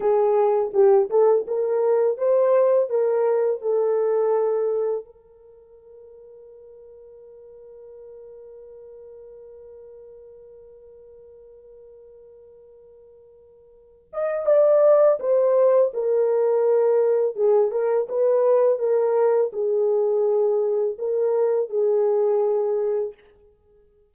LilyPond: \new Staff \with { instrumentName = "horn" } { \time 4/4 \tempo 4 = 83 gis'4 g'8 a'8 ais'4 c''4 | ais'4 a'2 ais'4~ | ais'1~ | ais'1~ |
ais'2.~ ais'8 dis''8 | d''4 c''4 ais'2 | gis'8 ais'8 b'4 ais'4 gis'4~ | gis'4 ais'4 gis'2 | }